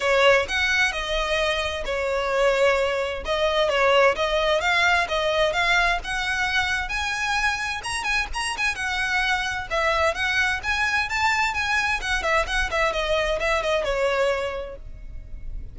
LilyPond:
\new Staff \with { instrumentName = "violin" } { \time 4/4 \tempo 4 = 130 cis''4 fis''4 dis''2 | cis''2. dis''4 | cis''4 dis''4 f''4 dis''4 | f''4 fis''2 gis''4~ |
gis''4 ais''8 gis''8 ais''8 gis''8 fis''4~ | fis''4 e''4 fis''4 gis''4 | a''4 gis''4 fis''8 e''8 fis''8 e''8 | dis''4 e''8 dis''8 cis''2 | }